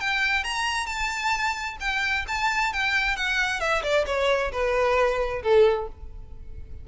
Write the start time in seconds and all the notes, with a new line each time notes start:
0.00 G5
0.43 A#5
0.86 A5
1.80 G5
2.28 A5
2.73 G5
3.16 F#5
3.60 E5
3.83 D5
4.06 C#5
4.52 B4
5.42 A4